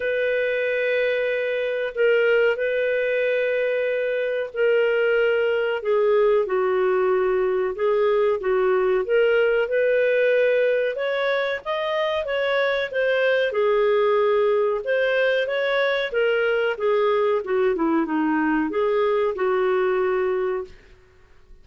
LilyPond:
\new Staff \with { instrumentName = "clarinet" } { \time 4/4 \tempo 4 = 93 b'2. ais'4 | b'2. ais'4~ | ais'4 gis'4 fis'2 | gis'4 fis'4 ais'4 b'4~ |
b'4 cis''4 dis''4 cis''4 | c''4 gis'2 c''4 | cis''4 ais'4 gis'4 fis'8 e'8 | dis'4 gis'4 fis'2 | }